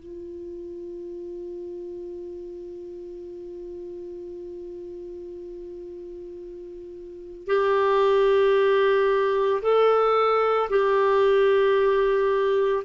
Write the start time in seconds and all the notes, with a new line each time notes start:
0.00 F4
7.48 G4
9.62 A4
10.70 G4